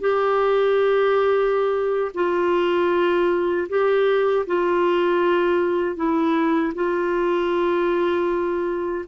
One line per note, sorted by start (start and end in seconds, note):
0.00 2.12 G4
2.14 3.68 F4
3.69 4.46 G4
4.47 5.96 F4
5.96 6.73 E4
6.74 9.05 F4